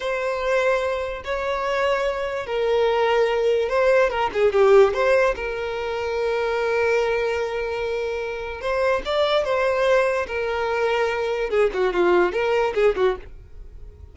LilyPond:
\new Staff \with { instrumentName = "violin" } { \time 4/4 \tempo 4 = 146 c''2. cis''4~ | cis''2 ais'2~ | ais'4 c''4 ais'8 gis'8 g'4 | c''4 ais'2.~ |
ais'1~ | ais'4 c''4 d''4 c''4~ | c''4 ais'2. | gis'8 fis'8 f'4 ais'4 gis'8 fis'8 | }